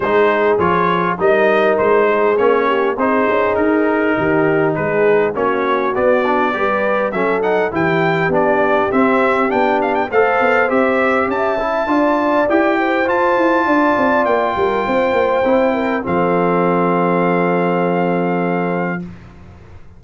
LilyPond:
<<
  \new Staff \with { instrumentName = "trumpet" } { \time 4/4 \tempo 4 = 101 c''4 cis''4 dis''4 c''4 | cis''4 c''4 ais'2 | b'4 cis''4 d''2 | e''8 fis''8 g''4 d''4 e''4 |
g''8 f''16 g''16 f''4 e''4 a''4~ | a''4 g''4 a''2 | g''2. f''4~ | f''1 | }
  \new Staff \with { instrumentName = "horn" } { \time 4/4 gis'2 ais'4. gis'8~ | gis'8 g'8 gis'2 g'4 | gis'4 fis'2 b'4 | a'4 g'2.~ |
g'4 c''2 e''4 | d''4. c''4. d''4~ | d''8 ais'8 c''4. ais'8 a'4~ | a'1 | }
  \new Staff \with { instrumentName = "trombone" } { \time 4/4 dis'4 f'4 dis'2 | cis'4 dis'2.~ | dis'4 cis'4 b8 d'8 g'4 | cis'8 dis'8 e'4 d'4 c'4 |
d'4 a'4 g'4. e'8 | f'4 g'4 f'2~ | f'2 e'4 c'4~ | c'1 | }
  \new Staff \with { instrumentName = "tuba" } { \time 4/4 gis4 f4 g4 gis4 | ais4 c'8 cis'8 dis'4 dis4 | gis4 ais4 b4 g4 | fis4 e4 b4 c'4 |
b4 a8 b8 c'4 cis'4 | d'4 e'4 f'8 e'8 d'8 c'8 | ais8 g8 c'8 ais8 c'4 f4~ | f1 | }
>>